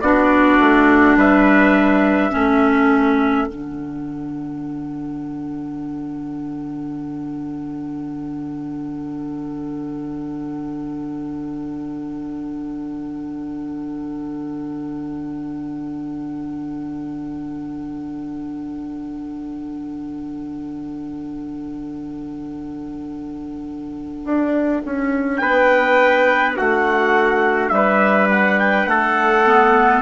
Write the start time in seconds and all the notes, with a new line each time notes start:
0.00 B3 D4 F#4 D5
0.59 A3
1.16 G3 B4 E5
2.31 A3 C#4 A4
3.47 D3 D4 F#5
24.24 D4
24.85 C#4
25.37 B3 B4 G5
26.56 A3 F#4 F#5
27.69 G3 B4 E5
28.30 F#5
28.59 G5
28.86 A3 A4 F#5
29.45 B3